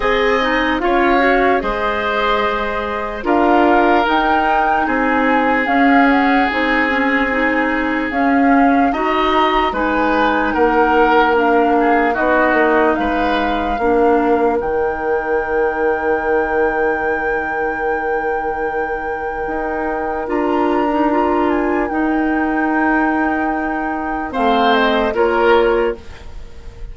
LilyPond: <<
  \new Staff \with { instrumentName = "flute" } { \time 4/4 \tempo 4 = 74 gis''4 f''4 dis''2 | f''4 g''4 gis''4 f''8 fis''8 | gis''2 f''4 ais''4 | gis''4 fis''4 f''4 dis''4 |
f''2 g''2~ | g''1~ | g''4 ais''4. gis''8 g''4~ | g''2 f''8 dis''8 cis''4 | }
  \new Staff \with { instrumentName = "oboe" } { \time 4/4 dis''4 cis''4 c''2 | ais'2 gis'2~ | gis'2. dis''4 | b'4 ais'4. gis'8 fis'4 |
b'4 ais'2.~ | ais'1~ | ais'1~ | ais'2 c''4 ais'4 | }
  \new Staff \with { instrumentName = "clarinet" } { \time 4/4 gis'8 dis'8 f'8 fis'8 gis'2 | f'4 dis'2 cis'4 | dis'8 cis'8 dis'4 cis'4 fis'4 | dis'2 d'4 dis'4~ |
dis'4 d'4 dis'2~ | dis'1~ | dis'4 f'8. dis'16 f'4 dis'4~ | dis'2 c'4 f'4 | }
  \new Staff \with { instrumentName = "bassoon" } { \time 4/4 c'4 cis'4 gis2 | d'4 dis'4 c'4 cis'4 | c'2 cis'4 dis'4 | gis4 ais2 b8 ais8 |
gis4 ais4 dis2~ | dis1 | dis'4 d'2 dis'4~ | dis'2 a4 ais4 | }
>>